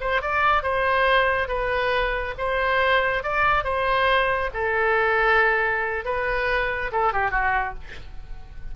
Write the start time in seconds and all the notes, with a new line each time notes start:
0.00 C5
0.21 D5
0.62 C5
1.48 B4
2.38 C5
3.23 D5
3.64 C5
4.53 A4
6.05 B4
6.92 A4
7.12 G4
7.31 F#4